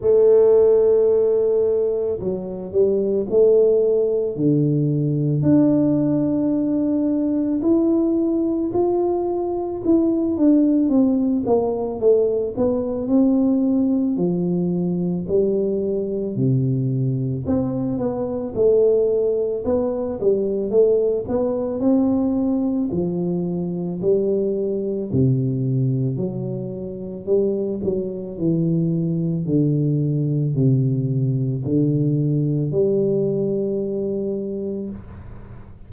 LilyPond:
\new Staff \with { instrumentName = "tuba" } { \time 4/4 \tempo 4 = 55 a2 fis8 g8 a4 | d4 d'2 e'4 | f'4 e'8 d'8 c'8 ais8 a8 b8 | c'4 f4 g4 c4 |
c'8 b8 a4 b8 g8 a8 b8 | c'4 f4 g4 c4 | fis4 g8 fis8 e4 d4 | c4 d4 g2 | }